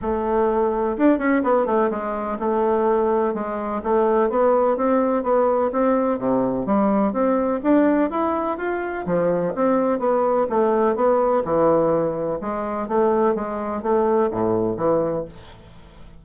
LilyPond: \new Staff \with { instrumentName = "bassoon" } { \time 4/4 \tempo 4 = 126 a2 d'8 cis'8 b8 a8 | gis4 a2 gis4 | a4 b4 c'4 b4 | c'4 c4 g4 c'4 |
d'4 e'4 f'4 f4 | c'4 b4 a4 b4 | e2 gis4 a4 | gis4 a4 a,4 e4 | }